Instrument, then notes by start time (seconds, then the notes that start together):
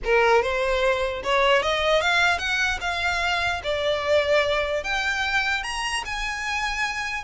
violin
0.04 A#4
0.42 C5
1.23 C#5
1.62 D#5
2.01 F5
2.38 F#5
2.81 F5
3.63 D5
4.83 G5
5.63 A#5
6.05 G#5